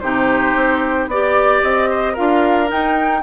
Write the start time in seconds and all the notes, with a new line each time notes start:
0.00 C3 D#4 G4 C5
0.56 C4
1.07 B3 G4 D5
1.62 C4 D#5
1.90 C5
2.13 F4 A#4 F5
2.19 D4
2.67 D#4 G5